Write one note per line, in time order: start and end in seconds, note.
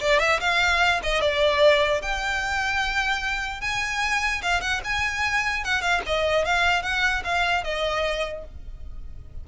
0.00 0.19 D5
0.19 0.39 E5
0.40 1.00 F5
1.03 1.21 D#5
1.21 2.01 D5
2.01 3.61 G5
3.61 4.41 G#5
4.42 4.61 F5
4.61 4.81 F#5
4.84 5.64 G#5
5.64 5.81 F#5
5.81 6.01 F5
6.06 6.45 D#5
6.45 6.82 F5
6.82 7.23 F#5
7.24 7.63 F5
7.63 8.44 D#5